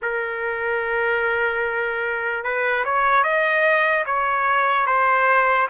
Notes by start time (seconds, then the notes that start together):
0.02 A#4
2.44 B4
2.85 C#5
3.23 D#5
4.05 C#5
4.86 C5